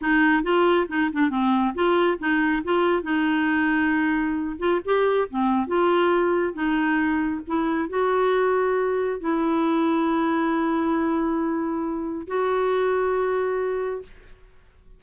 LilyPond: \new Staff \with { instrumentName = "clarinet" } { \time 4/4 \tempo 4 = 137 dis'4 f'4 dis'8 d'8 c'4 | f'4 dis'4 f'4 dis'4~ | dis'2~ dis'8 f'8 g'4 | c'4 f'2 dis'4~ |
dis'4 e'4 fis'2~ | fis'4 e'2.~ | e'1 | fis'1 | }